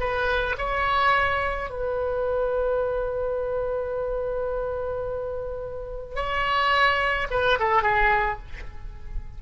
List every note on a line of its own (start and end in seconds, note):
0.00 0.56 B4
0.58 1.70 C#5
1.70 6.15 B4
6.15 7.27 C#5
7.30 7.59 B4
7.59 7.83 A4
7.83 8.39 G#4